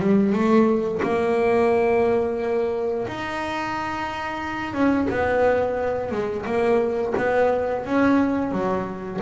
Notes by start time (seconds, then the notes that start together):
0.00 G3
0.33 A3
1.03 A#3
3.08 D#4
4.74 C#4
5.10 B3
6.12 G#3
6.46 A#3
7.18 B3
7.86 C#4
8.52 F#3